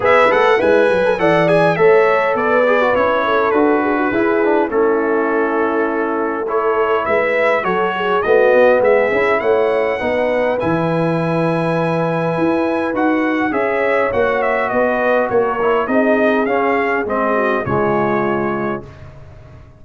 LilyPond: <<
  \new Staff \with { instrumentName = "trumpet" } { \time 4/4 \tempo 4 = 102 e''8 fis''8 gis''4 fis''8 gis''8 e''4 | d''4 cis''4 b'2 | a'2. cis''4 | e''4 cis''4 dis''4 e''4 |
fis''2 gis''2~ | gis''2 fis''4 e''4 | fis''8 e''8 dis''4 cis''4 dis''4 | f''4 dis''4 cis''2 | }
  \new Staff \with { instrumentName = "horn" } { \time 4/4 b'4 e'8 fis'16 a'16 d''4 cis''4 | b'4. a'4 gis'16 fis'16 gis'4 | e'2. a'4 | b'4 a'8 gis'8 fis'4 gis'4 |
cis''4 b'2.~ | b'2. cis''4~ | cis''4 b'4 ais'4 gis'4~ | gis'4. fis'8 f'2 | }
  \new Staff \with { instrumentName = "trombone" } { \time 4/4 gis'8 a'8 b'4 a'8 gis'8 a'4~ | a'8 gis'16 fis'16 e'4 fis'4 e'8 d'8 | cis'2. e'4~ | e'4 fis'4 b4. e'8~ |
e'4 dis'4 e'2~ | e'2 fis'4 gis'4 | fis'2~ fis'8 e'8 dis'4 | cis'4 c'4 gis2 | }
  \new Staff \with { instrumentName = "tuba" } { \time 4/4 b8 a8 gis8 fis8 e4 a4 | b4 cis'4 d'4 e'4 | a1 | gis4 fis4 a8 b8 gis8 cis'8 |
a4 b4 e2~ | e4 e'4 dis'4 cis'4 | ais4 b4 ais4 c'4 | cis'4 gis4 cis2 | }
>>